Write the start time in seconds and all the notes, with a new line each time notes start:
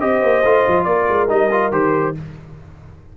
0.00 C4 G4 C5 D#5
0.22 A#3
0.44 A3 F4
0.67 F3
0.84 A#3 A#4 D5
1.09 G#3
1.29 G3 D#4 D#5
1.51 F4
1.72 D#3 G4 C5